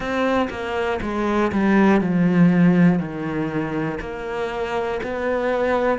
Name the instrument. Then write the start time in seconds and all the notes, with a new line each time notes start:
cello
0.00 C4
0.50 A#3
1.01 G#3
1.51 G3
2.00 F3
2.99 D#3
4.00 A#3
5.03 B3